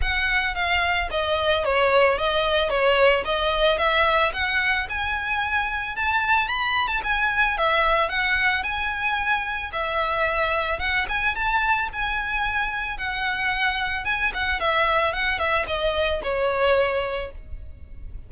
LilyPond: \new Staff \with { instrumentName = "violin" } { \time 4/4 \tempo 4 = 111 fis''4 f''4 dis''4 cis''4 | dis''4 cis''4 dis''4 e''4 | fis''4 gis''2 a''4 | b''8. a''16 gis''4 e''4 fis''4 |
gis''2 e''2 | fis''8 gis''8 a''4 gis''2 | fis''2 gis''8 fis''8 e''4 | fis''8 e''8 dis''4 cis''2 | }